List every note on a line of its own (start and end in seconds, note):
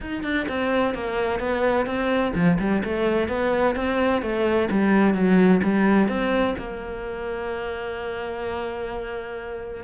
0.00 0.23 D#4
0.23 0.46 D4
0.48 0.94 C4
0.94 1.39 A#3
1.39 1.86 B3
1.86 2.32 C4
2.34 2.58 F3
2.59 2.82 G3
2.84 3.28 A3
3.28 3.75 B3
3.75 4.22 C4
4.22 4.69 A3
4.70 5.13 G3
5.13 5.60 F#3
5.63 6.08 G3
6.08 6.55 C4
6.58 9.84 A#3